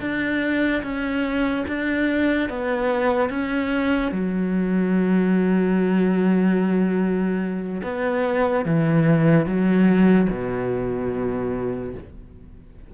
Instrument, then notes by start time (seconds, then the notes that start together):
cello
0.00 D4
0.83 C#4
1.67 D4
2.49 B3
3.29 C#4
4.11 F#3
7.83 B3
8.65 E3
9.46 F#3
10.29 B2